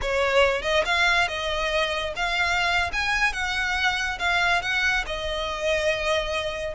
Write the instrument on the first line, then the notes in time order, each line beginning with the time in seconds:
violin
0.01 C#5
0.62 D#5
0.85 F5
1.27 D#5
2.15 F5
2.93 G#5
3.32 F#5
4.19 F5
4.62 F#5
5.06 D#5